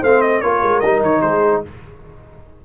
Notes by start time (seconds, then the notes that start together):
0.00 A3 C4 C5 F5
0.21 D#5
0.41 A#3 F4 A#4 C#5
0.62 G#3
0.80 G3 D#4 D#5
1.01 D#3 C#5
1.21 G#3 G#4 C5